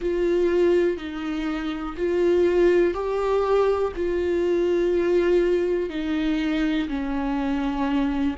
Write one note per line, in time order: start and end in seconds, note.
0.01 0.97 F4
0.97 1.95 D#4
1.96 2.93 F4
2.93 3.92 G4
3.96 5.89 F4
5.89 6.88 D#4
6.88 8.36 C#4